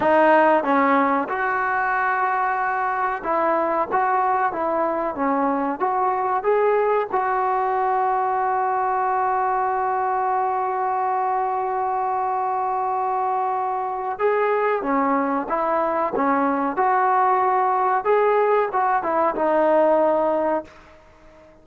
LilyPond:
\new Staff \with { instrumentName = "trombone" } { \time 4/4 \tempo 4 = 93 dis'4 cis'4 fis'2~ | fis'4 e'4 fis'4 e'4 | cis'4 fis'4 gis'4 fis'4~ | fis'1~ |
fis'1~ | fis'2 gis'4 cis'4 | e'4 cis'4 fis'2 | gis'4 fis'8 e'8 dis'2 | }